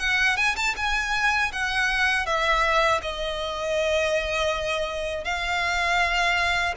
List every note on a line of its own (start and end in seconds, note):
0.00 0.37 F#5
0.37 0.56 G#5
0.56 0.75 A5
0.77 1.52 G#5
1.53 2.26 F#5
2.26 3.01 E5
3.02 5.25 D#5
5.25 6.75 F5